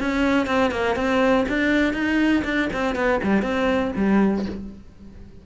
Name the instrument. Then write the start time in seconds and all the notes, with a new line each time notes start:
cello
0.00 C#4
0.47 C4
0.71 A#3
0.96 C4
1.49 D4
1.94 D#4
2.45 D4
2.73 C4
2.96 B3
3.23 G3
3.42 C4
3.96 G3